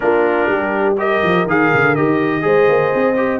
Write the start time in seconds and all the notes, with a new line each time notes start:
0.00 A#3 D4 F4 A#4
0.48 G3 G4
0.97 G4 A#4 D#5
1.23 F3
1.46 D#3 G#4 F5
1.73 D3
1.95 D#3 G4 D#5
2.41 G#3 G#4 C5
2.68 A#3
2.95 C4
3.16 G4